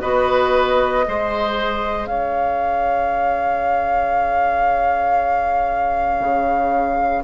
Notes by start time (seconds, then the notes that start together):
0.00 B3 F#4 B4 D#5
1.04 G#3 G#4 C5
2.06 C#4 C#5 F5
6.20 C#3